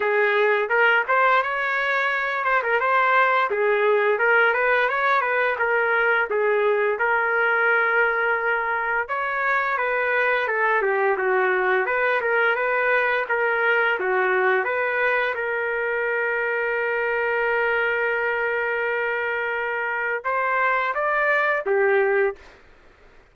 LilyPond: \new Staff \with { instrumentName = "trumpet" } { \time 4/4 \tempo 4 = 86 gis'4 ais'8 c''8 cis''4. c''16 ais'16 | c''4 gis'4 ais'8 b'8 cis''8 b'8 | ais'4 gis'4 ais'2~ | ais'4 cis''4 b'4 a'8 g'8 |
fis'4 b'8 ais'8 b'4 ais'4 | fis'4 b'4 ais'2~ | ais'1~ | ais'4 c''4 d''4 g'4 | }